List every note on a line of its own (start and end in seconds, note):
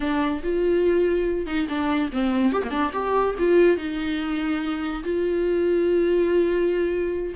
0.00 0.41 D4
0.43 1.46 F4
1.46 1.67 D#4
1.69 2.11 D4
2.12 2.52 C4
2.52 2.62 G4
2.63 2.70 A#3
2.70 2.91 D4
2.93 3.35 G4
3.38 3.77 F4
3.77 5.03 D#4
5.03 7.34 F4